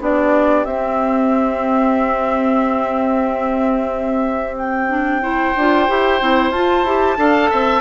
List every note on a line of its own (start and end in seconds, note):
0.00 0.65 B3
0.00 0.65 D4
0.00 5.22 G4
0.00 0.65 D5
0.65 5.54 C4
0.65 4.89 C4
0.65 4.56 E5
4.57 6.51 G5
4.89 5.21 D4
5.22 5.54 E4
5.22 7.18 C5
5.56 5.88 D4
5.56 5.88 F4
5.88 6.21 E4
5.88 6.20 G4
6.20 6.50 C4
6.20 6.53 E4
6.50 6.83 F4
6.50 6.86 F4
6.50 7.81 A5
6.84 7.16 E4
6.84 7.17 G4
7.17 7.50 D4
7.17 7.81 A4
7.17 7.50 F5
7.50 7.81 C4
7.50 7.81 E5